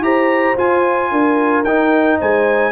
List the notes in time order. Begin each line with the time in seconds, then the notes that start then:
0.00 E4 G4 C5 A#5
0.57 F4 G#5
1.11 D4 A#4
1.63 D#4 G5
2.19 G#3 C5 G#5